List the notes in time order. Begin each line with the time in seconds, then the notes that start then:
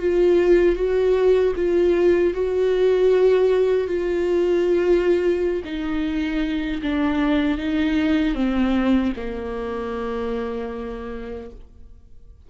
0.00 F4
0.76 F#4
1.56 F4
2.34 F#4
3.88 F4
5.65 D#4
6.83 D4
7.58 D#4
8.35 C4
9.17 A#3